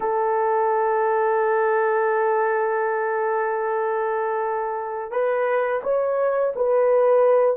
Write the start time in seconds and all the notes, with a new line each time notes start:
0.00 A4
5.11 B4
5.83 C#5
6.55 B4